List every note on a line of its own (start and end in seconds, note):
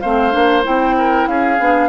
0.00 0.34 A3
0.00 0.31 C4
0.00 0.95 C5
0.00 0.62 F5
0.31 0.66 A#3
0.31 0.62 D4
0.63 1.27 C4
0.63 1.57 E4
0.63 1.27 G5
0.97 1.28 A#4
1.27 1.58 C#4
1.27 1.89 G#4
1.27 1.89 F5
1.59 1.89 B3
1.59 1.89 D4